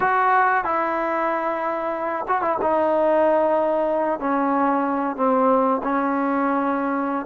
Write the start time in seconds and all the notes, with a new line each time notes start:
0.00 F#4
0.64 E4
2.28 F#4
2.41 E4
2.61 D#4
4.19 C#4
5.16 C4
5.83 C#4